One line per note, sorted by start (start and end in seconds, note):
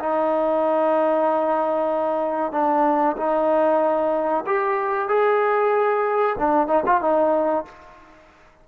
0.00 2.53 D#4
2.53 3.17 D4
3.17 4.45 D#4
4.47 5.09 G4
5.09 6.37 G#4
6.39 6.68 D4
6.68 6.84 D#4
6.86 7.02 F4
7.02 7.65 D#4